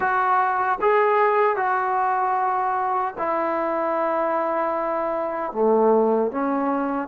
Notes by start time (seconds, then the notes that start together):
0.00 F#4
0.81 G#4
1.56 F#4
3.18 E4
5.52 A3
6.31 C#4